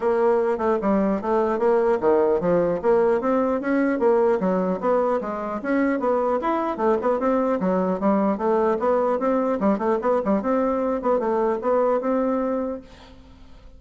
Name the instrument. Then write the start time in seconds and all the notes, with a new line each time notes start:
bassoon
0.00 A#3
0.58 A3
0.81 G3
1.21 A3
1.58 A#3
2.00 D#3
2.40 F3
2.82 A#3
3.21 C4
3.61 C#4
3.99 A#3
4.40 F#3
4.80 B3
5.20 G#3
5.62 C#4
5.99 B3
6.41 E4
6.77 A3
7.01 B3
7.19 C4
7.59 F#3
8.00 G3
8.37 A3
8.79 B3
9.19 C4
9.59 G3
9.78 A3
10.01 B3
10.25 G3
10.41 C4
11.02 B3
11.19 A3
11.61 B3
12.01 C4